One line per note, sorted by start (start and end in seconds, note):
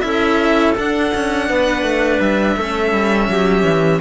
0.00 0.76 C#4
0.00 0.74 E4
0.00 1.48 A4
0.00 0.72 E5
0.77 1.13 D4
0.77 2.58 D4
0.77 2.20 F#5
1.14 1.50 C#4
1.48 1.82 B3
1.48 2.56 B4
1.82 2.18 A3
2.20 2.56 G3
2.20 4.01 E5
2.56 2.92 A3
2.56 4.01 C#4
2.56 3.28 A4
2.92 3.28 G3
3.29 3.63 F#3
3.29 4.01 G4
3.63 3.99 E3